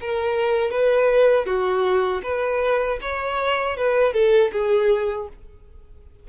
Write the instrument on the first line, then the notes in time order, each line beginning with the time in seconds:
violin
0.00 A#4
0.71 B4
1.45 F#4
2.23 B4
3.01 C#5
3.77 B4
4.13 A4
4.52 G#4